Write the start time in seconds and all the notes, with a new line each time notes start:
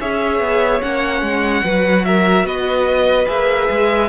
0.00 C#4 G#4 C#5 E5
0.40 B3
0.82 A#3 C#4 F#5
1.21 G#3
1.64 F#3 F#4 B4
2.04 A#4 E5
2.44 B3 B4 D#5
3.26 A#3 G#4 E5
3.70 G#3